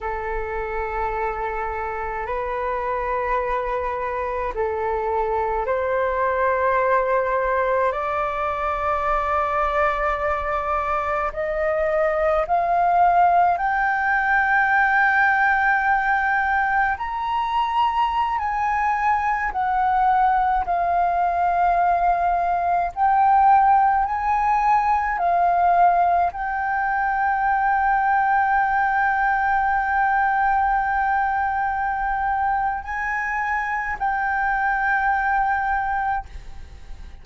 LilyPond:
\new Staff \with { instrumentName = "flute" } { \time 4/4 \tempo 4 = 53 a'2 b'2 | a'4 c''2 d''4~ | d''2 dis''4 f''4 | g''2. ais''4~ |
ais''16 gis''4 fis''4 f''4.~ f''16~ | f''16 g''4 gis''4 f''4 g''8.~ | g''1~ | g''4 gis''4 g''2 | }